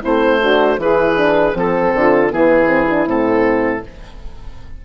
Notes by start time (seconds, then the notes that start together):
0.00 A3 C4 E4 C5
0.40 D4 F#4
0.78 E3 E4 G#4 B4
1.17 D4
1.53 F3 C4 A4
1.94 D3 F4
2.31 E3 B3 E4 G#4
2.67 C4
2.90 D4
3.06 A2 C4 A4